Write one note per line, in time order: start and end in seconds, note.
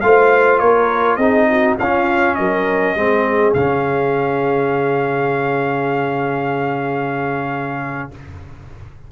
0.00 0.60 A3
0.00 1.20 F4
0.00 0.61 C5
0.00 0.59 F5
0.59 1.17 A#3
0.59 1.17 A#4
0.59 1.16 C#5
1.16 1.76 C4
1.16 1.79 D#4
1.16 1.46 G#4
1.16 1.75 D#5
1.49 1.78 F#4
1.78 2.38 C#4
1.78 2.96 C#4
1.78 2.36 F4
1.78 2.34 F5
2.34 2.95 F#3
2.34 2.97 A#4
2.34 3.52 D#5
2.95 3.54 G#3
2.95 3.55 C4
2.95 8.11 G#4
3.53 8.10 C#3
3.53 8.11 C#4
3.53 8.09 F5